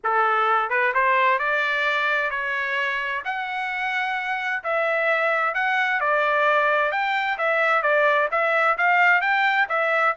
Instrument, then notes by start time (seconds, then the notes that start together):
trumpet
0.03 A4
0.69 B4
0.94 C5
1.38 D5
2.30 C#5
3.24 F#5
4.63 E5
5.54 F#5
6.00 D5
6.91 G5
7.37 E5
7.82 D5
8.31 E5
8.77 F5
9.21 G5
9.68 E5